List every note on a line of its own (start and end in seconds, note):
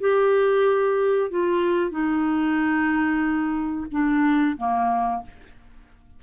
0.00 1.30 G4
1.30 1.91 F4
1.91 3.86 D#4
3.92 4.57 D4
4.57 5.22 A#3